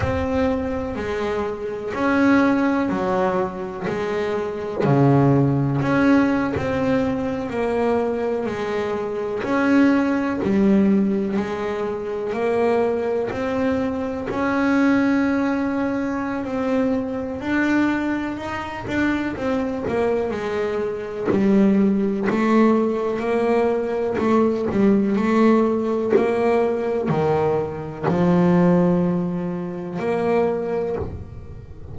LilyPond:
\new Staff \with { instrumentName = "double bass" } { \time 4/4 \tempo 4 = 62 c'4 gis4 cis'4 fis4 | gis4 cis4 cis'8. c'4 ais16~ | ais8. gis4 cis'4 g4 gis16~ | gis8. ais4 c'4 cis'4~ cis'16~ |
cis'4 c'4 d'4 dis'8 d'8 | c'8 ais8 gis4 g4 a4 | ais4 a8 g8 a4 ais4 | dis4 f2 ais4 | }